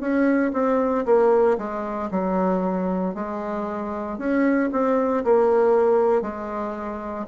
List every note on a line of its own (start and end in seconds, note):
0.00 0.52 C#4
0.53 1.04 C4
1.05 1.57 A#3
1.58 2.09 G#3
2.11 3.14 F#3
3.14 4.18 G#3
4.18 4.69 C#4
4.72 5.23 C4
5.24 6.22 A#3
6.22 7.25 G#3